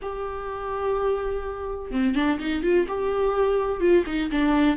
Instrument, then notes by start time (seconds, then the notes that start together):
viola
0.02 G4
1.91 C4
2.15 D4
2.39 D#4
2.62 F4
2.88 G4
3.80 F4
4.06 D#4
4.31 D4